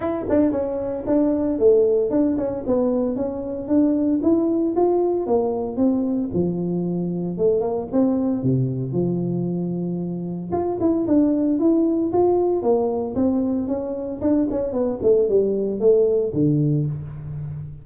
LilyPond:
\new Staff \with { instrumentName = "tuba" } { \time 4/4 \tempo 4 = 114 e'8 d'8 cis'4 d'4 a4 | d'8 cis'8 b4 cis'4 d'4 | e'4 f'4 ais4 c'4 | f2 a8 ais8 c'4 |
c4 f2. | f'8 e'8 d'4 e'4 f'4 | ais4 c'4 cis'4 d'8 cis'8 | b8 a8 g4 a4 d4 | }